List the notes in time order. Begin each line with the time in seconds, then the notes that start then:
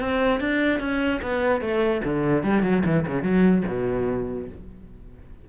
0.00 C4
0.40 D4
0.80 C#4
1.23 B3
1.61 A3
2.05 D3
2.44 G3
2.63 F#3
2.86 E3
3.08 C#3
3.23 F#3
3.68 B2